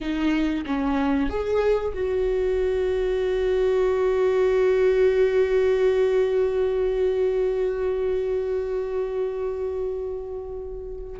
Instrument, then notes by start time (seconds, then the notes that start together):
viola
0.01 D#4
0.66 C#4
1.29 G#4
1.94 F#4